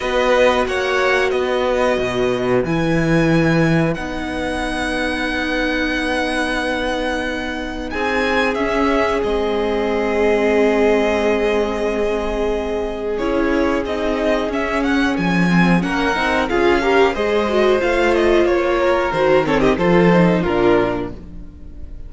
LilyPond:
<<
  \new Staff \with { instrumentName = "violin" } { \time 4/4 \tempo 4 = 91 dis''4 fis''4 dis''2 | gis''2 fis''2~ | fis''1 | gis''4 e''4 dis''2~ |
dis''1 | cis''4 dis''4 e''8 fis''8 gis''4 | fis''4 f''4 dis''4 f''8 dis''8 | cis''4 c''8 cis''16 dis''16 c''4 ais'4 | }
  \new Staff \with { instrumentName = "violin" } { \time 4/4 b'4 cis''4 b'2~ | b'1~ | b'1 | gis'1~ |
gis'1~ | gis'1 | ais'4 gis'8 ais'8 c''2~ | c''8 ais'4 a'16 g'16 a'4 f'4 | }
  \new Staff \with { instrumentName = "viola" } { \time 4/4 fis'1 | e'2 dis'2~ | dis'1~ | dis'4 cis'4 c'2~ |
c'1 | e'4 dis'4 cis'4. c'8 | cis'8 dis'8 f'8 g'8 gis'8 fis'8 f'4~ | f'4 fis'8 c'8 f'8 dis'8 d'4 | }
  \new Staff \with { instrumentName = "cello" } { \time 4/4 b4 ais4 b4 b,4 | e2 b2~ | b1 | c'4 cis'4 gis2~ |
gis1 | cis'4 c'4 cis'4 f4 | ais8 c'8 cis'4 gis4 a4 | ais4 dis4 f4 ais,4 | }
>>